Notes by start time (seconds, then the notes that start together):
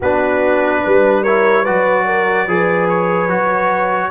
0.00 B3 D4 F#4 B4
0.82 G3 B4
1.22 E4 A#4 C#5
1.62 F#4 B4 D5
1.68 F#3
2.05 A#4
2.45 F3 G#4 B4
2.88 C#5
3.29 F#3 F#4